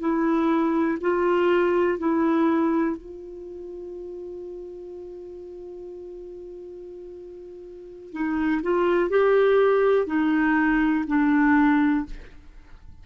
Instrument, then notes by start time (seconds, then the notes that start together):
clarinet
0.00 E4
1.01 F4
1.99 E4
2.97 F4
8.12 D#4
8.63 F4
9.10 G4
10.07 D#4
11.08 D4